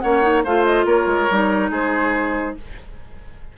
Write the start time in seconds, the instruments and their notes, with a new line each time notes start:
0.00 bassoon A#3, clarinet C#4, oboe C#5, flute F#5
0.22 clarinet D#4
0.44 bassoon A3, clarinet F4, oboe C5, flute F5
0.65 flute D#5
0.85 bassoon A#3, oboe A#4, flute C#5
1.06 bassoon G#3
1.31 bassoon G3, clarinet D#4
1.70 bassoon G#3, oboe G#4, flute C5